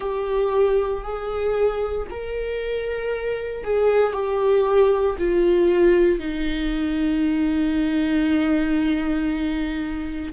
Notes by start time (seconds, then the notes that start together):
0.00 G4
1.03 G#4
2.09 A#4
3.64 G#4
4.12 G4
5.18 F4
6.19 D#4